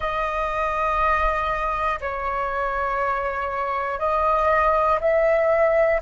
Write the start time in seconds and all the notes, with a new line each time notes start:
0.00 D#5
2.00 C#5
3.99 D#5
5.00 E5